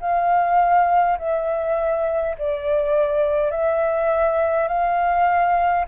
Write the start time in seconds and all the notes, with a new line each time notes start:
0.00 F5
1.18 E5
2.38 D5
3.51 E5
4.68 F5